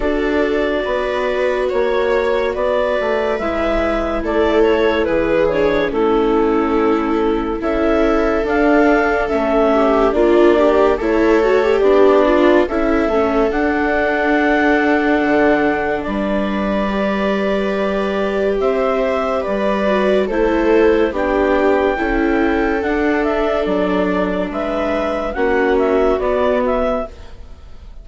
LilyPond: <<
  \new Staff \with { instrumentName = "clarinet" } { \time 4/4 \tempo 4 = 71 d''2 cis''4 d''4 | e''4 d''8 cis''8 b'8 cis''8 a'4~ | a'4 e''4 f''4 e''4 | d''4 cis''4 d''4 e''4 |
fis''2. d''4~ | d''2 e''4 d''4 | c''4 g''2 fis''8 e''8 | d''4 e''4 fis''8 e''8 d''8 e''8 | }
  \new Staff \with { instrumentName = "viola" } { \time 4/4 a'4 b'4 cis''4 b'4~ | b'4 a'4 gis'4 e'4~ | e'4 a'2~ a'8 g'8 | f'8 g'8 a'4 d'4 a'4~ |
a'2. b'4~ | b'2 c''4 b'4 | a'4 g'4 a'2~ | a'4 b'4 fis'2 | }
  \new Staff \with { instrumentName = "viola" } { \time 4/4 fis'1 | e'2~ e'8 d'8 cis'4~ | cis'4 e'4 d'4 cis'4 | d'4 e'8 fis'16 g'8. f'8 e'8 cis'8 |
d'1 | g'2.~ g'8 fis'8 | e'4 d'4 e'4 d'4~ | d'2 cis'4 b4 | }
  \new Staff \with { instrumentName = "bassoon" } { \time 4/4 d'4 b4 ais4 b8 a8 | gis4 a4 e4 a4~ | a4 cis'4 d'4 a4 | ais4 a4 b4 cis'8 a8 |
d'2 d4 g4~ | g2 c'4 g4 | a4 b4 cis'4 d'4 | fis4 gis4 ais4 b4 | }
>>